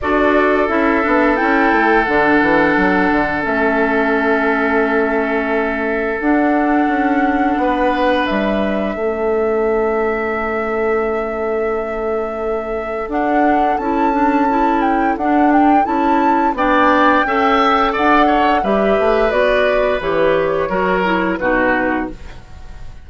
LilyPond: <<
  \new Staff \with { instrumentName = "flute" } { \time 4/4 \tempo 4 = 87 d''4 e''4 g''4 fis''4~ | fis''4 e''2.~ | e''4 fis''2. | e''1~ |
e''2. fis''4 | a''4. g''8 fis''8 g''8 a''4 | g''2 fis''4 e''4 | d''4 cis''2 b'4 | }
  \new Staff \with { instrumentName = "oboe" } { \time 4/4 a'1~ | a'1~ | a'2. b'4~ | b'4 a'2.~ |
a'1~ | a'1 | d''4 e''4 d''8 cis''8 b'4~ | b'2 ais'4 fis'4 | }
  \new Staff \with { instrumentName = "clarinet" } { \time 4/4 fis'4 e'8 d'8 e'4 d'4~ | d'4 cis'2.~ | cis'4 d'2.~ | d'4 cis'2.~ |
cis'2. d'4 | e'8 d'8 e'4 d'4 e'4 | d'4 a'2 g'4 | fis'4 g'4 fis'8 e'8 dis'4 | }
  \new Staff \with { instrumentName = "bassoon" } { \time 4/4 d'4 cis'8 b8 cis'8 a8 d8 e8 | fis8 d8 a2.~ | a4 d'4 cis'4 b4 | g4 a2.~ |
a2. d'4 | cis'2 d'4 cis'4 | b4 cis'4 d'4 g8 a8 | b4 e4 fis4 b,4 | }
>>